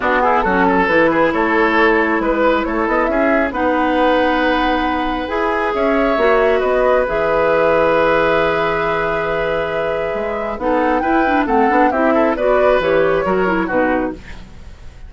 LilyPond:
<<
  \new Staff \with { instrumentName = "flute" } { \time 4/4 \tempo 4 = 136 fis'8 gis'8 a'4 b'4 cis''4~ | cis''4 b'4 cis''8 dis''8 e''4 | fis''1 | gis''4 e''2 dis''4 |
e''1~ | e''1 | fis''4 g''4 fis''4 e''4 | d''4 cis''2 b'4 | }
  \new Staff \with { instrumentName = "oboe" } { \time 4/4 d'8 e'8 fis'8 a'4 gis'8 a'4~ | a'4 b'4 a'4 gis'4 | b'1~ | b'4 cis''2 b'4~ |
b'1~ | b'1 | a'4 b'4 a'4 g'8 a'8 | b'2 ais'4 fis'4 | }
  \new Staff \with { instrumentName = "clarinet" } { \time 4/4 b4 cis'4 e'2~ | e'1 | dis'1 | gis'2 fis'2 |
gis'1~ | gis'1 | dis'4 e'8 d'8 c'8 d'8 e'4 | fis'4 g'4 fis'8 e'8 dis'4 | }
  \new Staff \with { instrumentName = "bassoon" } { \time 4/4 b4 fis4 e4 a4~ | a4 gis4 a8 b8 cis'4 | b1 | e'4 cis'4 ais4 b4 |
e1~ | e2. gis4 | b4 e'4 a8 b8 c'4 | b4 e4 fis4 b,4 | }
>>